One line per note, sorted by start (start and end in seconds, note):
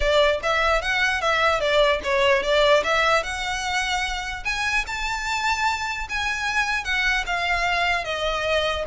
0.00 0.40 D5
0.42 0.81 E5
0.81 1.21 F#5
1.21 1.60 E5
1.60 2.00 D5
2.03 2.43 C#5
2.43 2.83 D5
2.83 3.23 E5
3.23 4.44 F#5
4.44 4.84 G#5
4.87 6.07 A5
6.09 6.84 G#5
6.84 7.24 F#5
7.26 8.04 F5
8.04 8.85 D#5